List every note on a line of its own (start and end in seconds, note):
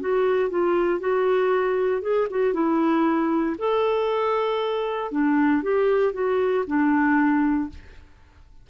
0.00 0.50 F#4
0.50 1.00 F4
1.00 2.02 F#4
2.02 2.27 G#4
2.30 2.53 F#4
2.53 3.56 E4
3.58 5.11 A4
5.11 5.63 D4
5.63 6.13 G4
6.13 6.64 F#4
6.67 7.69 D4